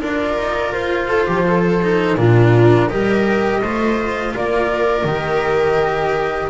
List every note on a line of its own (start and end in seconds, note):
0.00 0.37 D4
0.00 1.81 F4
0.00 1.09 A#4
0.00 0.73 D5
0.38 0.74 D#4
0.73 1.28 F4
0.73 2.17 C5
1.09 1.27 A4
1.27 2.16 F3
1.27 1.45 G4
1.48 2.19 A4
1.83 2.18 D#4
2.16 2.88 A#2
2.16 2.90 D4
2.16 2.90 F4
2.16 2.89 A#4
2.89 3.62 G3
2.89 3.62 G4
2.89 3.62 A#4
2.89 4.34 D#5
3.62 4.35 A3
3.62 5.08 F4
3.62 4.35 C5
4.35 5.04 A#3
4.35 6.50 A#4
4.35 5.06 D5
5.04 6.49 D#3
5.04 6.50 G4
5.04 6.50 D#5